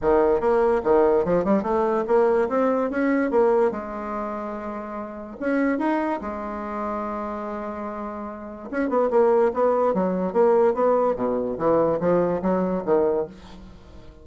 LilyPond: \new Staff \with { instrumentName = "bassoon" } { \time 4/4 \tempo 4 = 145 dis4 ais4 dis4 f8 g8 | a4 ais4 c'4 cis'4 | ais4 gis2.~ | gis4 cis'4 dis'4 gis4~ |
gis1~ | gis4 cis'8 b8 ais4 b4 | fis4 ais4 b4 b,4 | e4 f4 fis4 dis4 | }